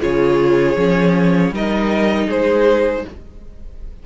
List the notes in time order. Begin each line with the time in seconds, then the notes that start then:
0.00 C#3 F4 G#4 C#5
0.76 F3 C#4
1.51 G3 D#4 A#4 D#5
2.27 G#3 G#4 C5